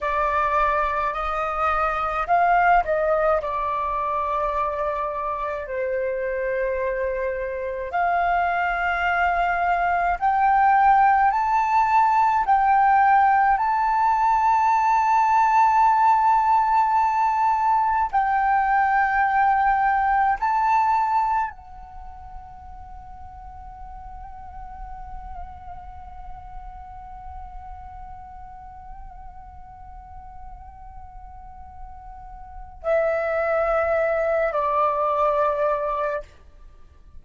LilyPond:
\new Staff \with { instrumentName = "flute" } { \time 4/4 \tempo 4 = 53 d''4 dis''4 f''8 dis''8 d''4~ | d''4 c''2 f''4~ | f''4 g''4 a''4 g''4 | a''1 |
g''2 a''4 fis''4~ | fis''1~ | fis''1~ | fis''4 e''4. d''4. | }